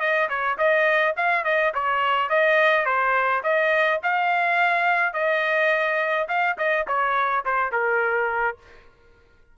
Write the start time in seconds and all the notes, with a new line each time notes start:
0.00 D#5
0.29 C#5
0.58 D#5
1.16 F5
1.44 D#5
1.74 C#5
2.29 D#5
2.85 C5
3.43 D#5
4.03 F5
5.14 D#5
6.28 F5
6.58 D#5
6.88 C#5
7.45 C5
7.72 A#4